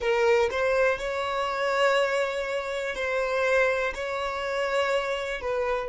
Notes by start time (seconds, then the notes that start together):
0.00 A#4
0.50 C5
0.98 C#5
2.95 C5
3.94 C#5
5.41 B4